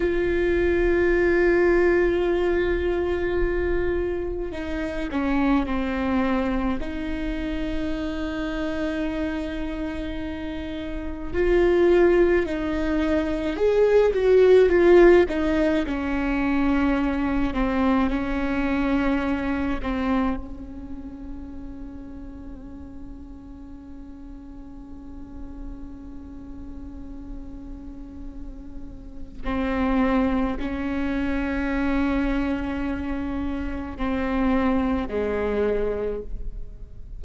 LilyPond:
\new Staff \with { instrumentName = "viola" } { \time 4/4 \tempo 4 = 53 f'1 | dis'8 cis'8 c'4 dis'2~ | dis'2 f'4 dis'4 | gis'8 fis'8 f'8 dis'8 cis'4. c'8 |
cis'4. c'8 cis'2~ | cis'1~ | cis'2 c'4 cis'4~ | cis'2 c'4 gis4 | }